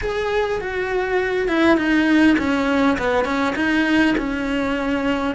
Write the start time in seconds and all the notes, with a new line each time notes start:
0.01 G#4
0.60 F#4
1.48 E4
1.77 D#4
2.38 C#4
2.97 B3
3.24 C#4
3.55 D#4
4.17 C#4